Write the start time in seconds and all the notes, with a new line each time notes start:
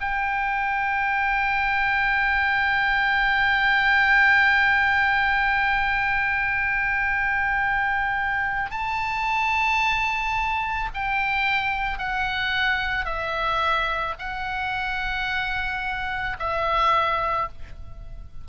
0.00 G5
8.71 A5
10.94 G5
11.98 F#5
13.05 E5
14.18 F#5
16.39 E5